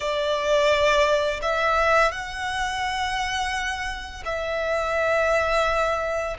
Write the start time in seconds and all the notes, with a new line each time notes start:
0.00 D5
1.41 E5
2.11 F#5
4.25 E5